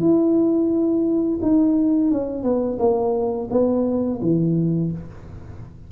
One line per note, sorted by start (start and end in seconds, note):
0.00 1.40 E4
1.42 2.12 D#4
2.12 2.43 C#4
2.43 2.78 B3
2.79 3.49 A#3
3.50 4.20 B3
4.22 4.92 E3